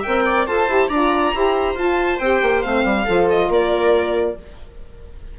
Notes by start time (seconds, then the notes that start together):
0.00 A#4 E5 G5
0.07 C4
0.26 D5
0.47 F4 A4 C5 A5
0.68 E4 G4
0.89 D4 F4 D5 A#5
1.35 E4 G4 C5
1.75 F4 A5
2.19 C4 G4 G5
2.42 A#3
2.62 A3 C4 F5
2.85 G3
3.05 F3 F4 A4
3.30 D#5
3.49 A#3 A#4 D5